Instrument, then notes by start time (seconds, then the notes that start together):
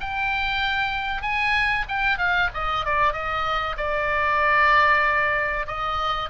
oboe
0.00 G5
1.22 G#5
1.88 G5
2.18 F5
2.53 D#5
2.85 D5
3.12 D#5
3.77 D5
5.67 D#5